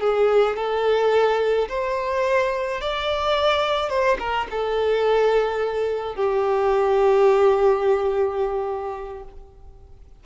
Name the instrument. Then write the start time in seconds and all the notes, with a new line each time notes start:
violin
0.00 G#4
0.56 A4
1.68 C5
2.81 D5
3.89 C5
4.19 A#4
4.50 A4
6.15 G4